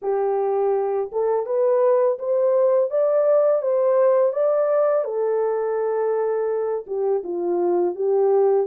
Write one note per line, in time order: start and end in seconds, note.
0.02 1.10 G4
1.12 1.46 A4
1.46 2.18 B4
2.19 2.90 C5
2.90 3.62 D5
3.62 4.32 C5
4.32 5.04 D5
5.04 6.85 A4
6.86 7.23 G4
7.23 7.95 F4
7.95 8.66 G4